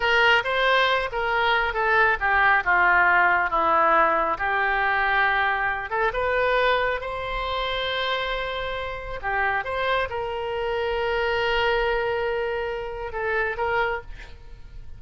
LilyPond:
\new Staff \with { instrumentName = "oboe" } { \time 4/4 \tempo 4 = 137 ais'4 c''4. ais'4. | a'4 g'4 f'2 | e'2 g'2~ | g'4. a'8 b'2 |
c''1~ | c''4 g'4 c''4 ais'4~ | ais'1~ | ais'2 a'4 ais'4 | }